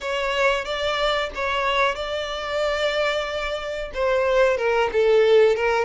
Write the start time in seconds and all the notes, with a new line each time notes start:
0.00 C#5
0.65 D5
1.35 C#5
1.95 D5
3.94 C5
4.57 A#4
4.92 A4
5.56 A#4